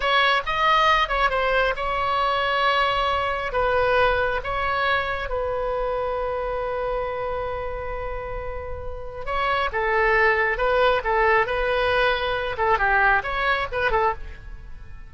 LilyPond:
\new Staff \with { instrumentName = "oboe" } { \time 4/4 \tempo 4 = 136 cis''4 dis''4. cis''8 c''4 | cis''1 | b'2 cis''2 | b'1~ |
b'1~ | b'4 cis''4 a'2 | b'4 a'4 b'2~ | b'8 a'8 g'4 cis''4 b'8 a'8 | }